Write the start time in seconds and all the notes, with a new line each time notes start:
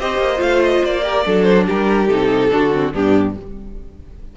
0.00 C4 G4 C5 D#5
0.18 A#3
0.37 A3 F4 F5
0.64 D#5
0.85 A#3 D5
1.03 G4 A#4
1.25 F#3 D4 A4
1.44 C5
1.67 G3 G4 A#4
2.08 C3 D#4 A4
2.51 D3 D4 F#4
2.73 C4
2.94 G2 B3 D4 G4